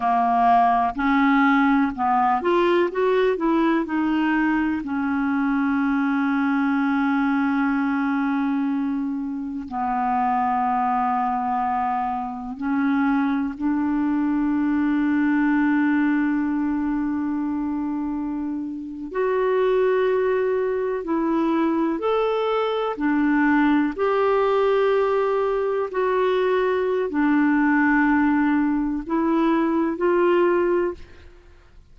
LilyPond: \new Staff \with { instrumentName = "clarinet" } { \time 4/4 \tempo 4 = 62 ais4 cis'4 b8 f'8 fis'8 e'8 | dis'4 cis'2.~ | cis'2 b2~ | b4 cis'4 d'2~ |
d'2.~ d'8. fis'16~ | fis'4.~ fis'16 e'4 a'4 d'16~ | d'8. g'2 fis'4~ fis'16 | d'2 e'4 f'4 | }